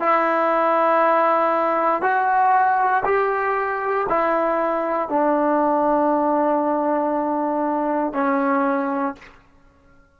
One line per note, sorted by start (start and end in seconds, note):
0.00 2.02 E4
2.02 3.03 F#4
3.05 4.07 G4
4.09 5.09 E4
5.09 8.14 D4
8.14 9.15 C#4